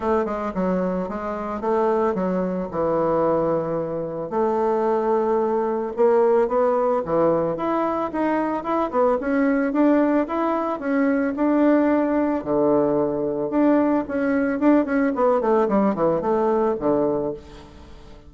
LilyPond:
\new Staff \with { instrumentName = "bassoon" } { \time 4/4 \tempo 4 = 111 a8 gis8 fis4 gis4 a4 | fis4 e2. | a2. ais4 | b4 e4 e'4 dis'4 |
e'8 b8 cis'4 d'4 e'4 | cis'4 d'2 d4~ | d4 d'4 cis'4 d'8 cis'8 | b8 a8 g8 e8 a4 d4 | }